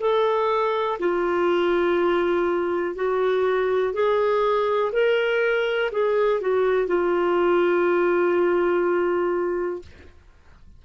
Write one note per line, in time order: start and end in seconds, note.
0.00 0.98 A4
0.99 2.95 F4
2.95 3.93 F#4
3.93 4.92 G#4
4.92 5.90 A#4
5.91 6.40 G#4
6.40 6.87 F#4
6.87 9.82 F4